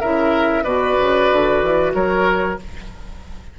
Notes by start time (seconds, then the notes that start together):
0.00 C#3 E4 A#4 E5
0.64 B2 F#4 B4 D5
1.00 C#3
1.32 D3
1.63 E3
1.95 F#3 A#4 C#5